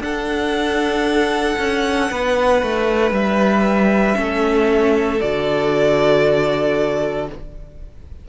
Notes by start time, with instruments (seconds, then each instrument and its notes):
0.00 cello D4, viola D4, violin A4 F#5
1.59 cello C#4
2.11 cello B3, violin B4
2.63 cello A3
3.11 cello G3, violin E5
4.15 cello A3, viola C#4, violin A4
5.21 cello D3, viola F#4, violin D5